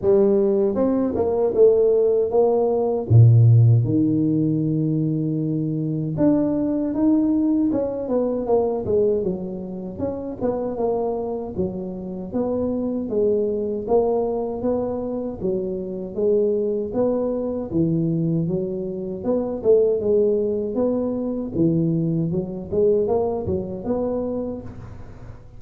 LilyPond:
\new Staff \with { instrumentName = "tuba" } { \time 4/4 \tempo 4 = 78 g4 c'8 ais8 a4 ais4 | ais,4 dis2. | d'4 dis'4 cis'8 b8 ais8 gis8 | fis4 cis'8 b8 ais4 fis4 |
b4 gis4 ais4 b4 | fis4 gis4 b4 e4 | fis4 b8 a8 gis4 b4 | e4 fis8 gis8 ais8 fis8 b4 | }